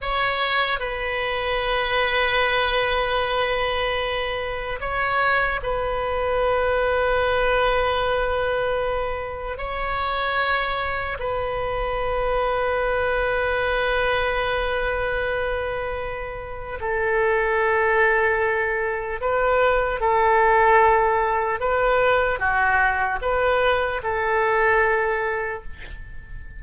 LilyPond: \new Staff \with { instrumentName = "oboe" } { \time 4/4 \tempo 4 = 75 cis''4 b'2.~ | b'2 cis''4 b'4~ | b'1 | cis''2 b'2~ |
b'1~ | b'4 a'2. | b'4 a'2 b'4 | fis'4 b'4 a'2 | }